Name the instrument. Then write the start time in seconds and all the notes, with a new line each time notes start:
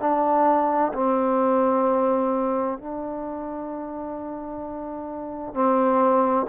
trombone
0.00 D4
0.94 C4
2.79 D4
5.54 C4